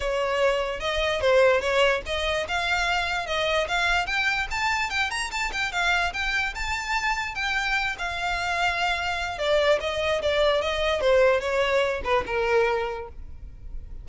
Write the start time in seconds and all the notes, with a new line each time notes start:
0.00 C#5
0.80 D#5
1.21 C5
1.60 C#5
2.06 D#5
2.48 F5
3.26 D#5
3.68 F5
4.06 G5
4.51 A5
4.90 G5
5.10 A#5
5.31 A5
5.52 G5
5.72 F5
6.13 G5
6.54 A5
7.35 G5
7.98 F5
9.38 D5
9.80 D#5
10.22 D5
10.61 D#5
11.01 C5
11.40 C#5
12.03 B4
12.26 A#4